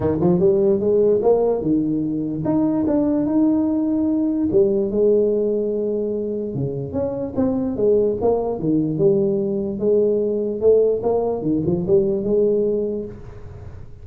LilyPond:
\new Staff \with { instrumentName = "tuba" } { \time 4/4 \tempo 4 = 147 dis8 f8 g4 gis4 ais4 | dis2 dis'4 d'4 | dis'2. g4 | gis1 |
cis4 cis'4 c'4 gis4 | ais4 dis4 g2 | gis2 a4 ais4 | dis8 f8 g4 gis2 | }